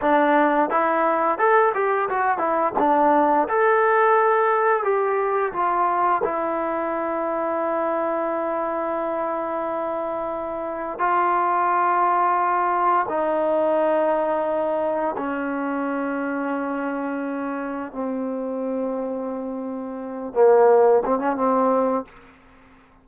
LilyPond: \new Staff \with { instrumentName = "trombone" } { \time 4/4 \tempo 4 = 87 d'4 e'4 a'8 g'8 fis'8 e'8 | d'4 a'2 g'4 | f'4 e'2.~ | e'1 |
f'2. dis'4~ | dis'2 cis'2~ | cis'2 c'2~ | c'4. ais4 c'16 cis'16 c'4 | }